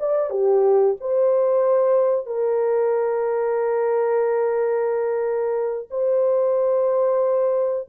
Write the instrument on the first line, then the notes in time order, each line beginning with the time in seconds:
horn
0.00 D5
0.30 G4
1.01 C5
2.26 A#4
5.91 C5